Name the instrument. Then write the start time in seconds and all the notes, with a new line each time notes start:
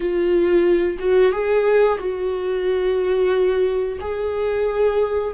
viola
0.00 F4
0.99 F#4
1.32 G#4
1.98 F#4
4.00 G#4